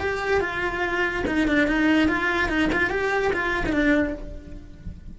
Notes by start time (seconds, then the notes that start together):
0.00 G4
0.41 F4
1.27 D#4
1.48 D4
1.67 D#4
2.08 F4
2.49 D#4
2.72 F4
2.90 G4
3.33 F4
3.66 D#4
3.73 D4